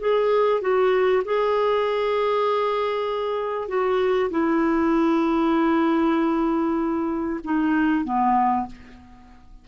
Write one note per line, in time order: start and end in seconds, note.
0.00 0.62 G#4
0.62 1.23 F#4
1.25 3.69 G#4
3.69 4.30 F#4
4.31 7.40 E4
7.45 8.05 D#4
8.05 8.67 B3